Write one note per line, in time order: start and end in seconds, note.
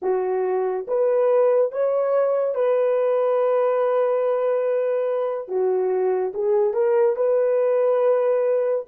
0.02 0.86 F#4
0.87 1.71 B4
1.71 2.55 C#5
2.55 5.47 B4
5.47 6.32 F#4
6.34 6.73 G#4
6.73 7.16 A#4
7.16 8.85 B4